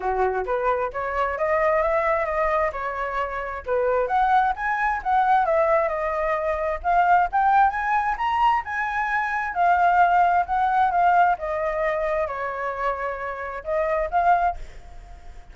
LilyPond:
\new Staff \with { instrumentName = "flute" } { \time 4/4 \tempo 4 = 132 fis'4 b'4 cis''4 dis''4 | e''4 dis''4 cis''2 | b'4 fis''4 gis''4 fis''4 | e''4 dis''2 f''4 |
g''4 gis''4 ais''4 gis''4~ | gis''4 f''2 fis''4 | f''4 dis''2 cis''4~ | cis''2 dis''4 f''4 | }